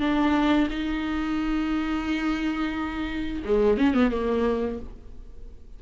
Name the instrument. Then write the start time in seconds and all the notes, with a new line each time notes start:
viola
0.00 D4
0.70 D#4
3.45 G#3
3.78 C#4
3.94 B3
4.11 A#3